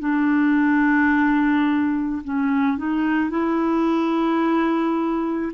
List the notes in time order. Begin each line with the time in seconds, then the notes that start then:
0.00 D4
2.24 C#4
2.78 D#4
3.30 E4